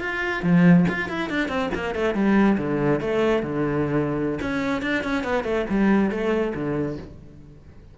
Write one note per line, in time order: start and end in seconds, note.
0.00 0.43 F4
0.43 0.86 F3
0.88 1.08 F4
1.08 1.30 E4
1.30 1.48 D4
1.48 1.69 C4
1.74 1.94 A#3
1.94 2.14 A3
2.14 2.57 G3
2.57 3.00 D3
3.00 3.43 A3
3.43 4.39 D3
4.41 4.82 C#4
4.82 5.03 D4
5.04 5.23 C#4
5.23 5.44 B3
5.44 5.65 A3
5.69 6.10 G3
6.10 6.53 A3
6.55 6.97 D3